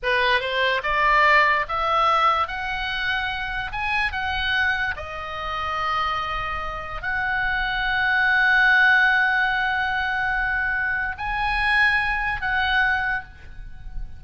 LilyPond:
\new Staff \with { instrumentName = "oboe" } { \time 4/4 \tempo 4 = 145 b'4 c''4 d''2 | e''2 fis''2~ | fis''4 gis''4 fis''2 | dis''1~ |
dis''4 fis''2.~ | fis''1~ | fis''2. gis''4~ | gis''2 fis''2 | }